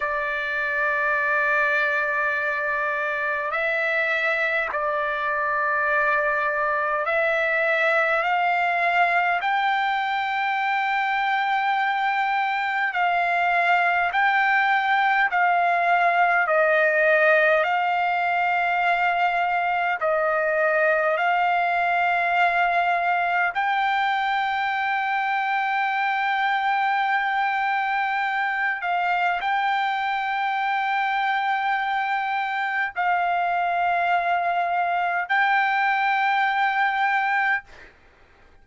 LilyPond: \new Staff \with { instrumentName = "trumpet" } { \time 4/4 \tempo 4 = 51 d''2. e''4 | d''2 e''4 f''4 | g''2. f''4 | g''4 f''4 dis''4 f''4~ |
f''4 dis''4 f''2 | g''1~ | g''8 f''8 g''2. | f''2 g''2 | }